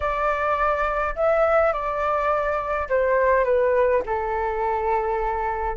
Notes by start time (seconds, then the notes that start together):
0.00 D5
1.15 E5
1.73 D5
2.89 C5
3.44 B4
4.05 A4